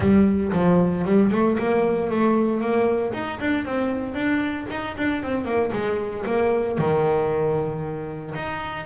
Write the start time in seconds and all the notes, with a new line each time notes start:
0.00 G3
0.52 F3
1.04 G3
1.31 A3
1.58 A#3
2.10 A3
2.60 A#3
3.13 D#4
3.40 D4
3.65 C4
4.14 D4
4.70 D#4
4.97 D4
5.22 C4
5.45 A#3
5.72 G#3
6.26 A#3
6.78 D#3
8.34 D#4